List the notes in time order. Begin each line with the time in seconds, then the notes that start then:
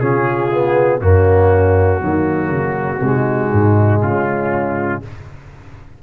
0.00 C#3 C#4 F4 G#4
0.52 B3
1.01 F#2 A#3 C#4 F#4
2.01 D#3 F#3 A#3
2.49 C#3
3.01 C3 G#3 D#4
3.53 G#2
4.02 C#3 C#4 F4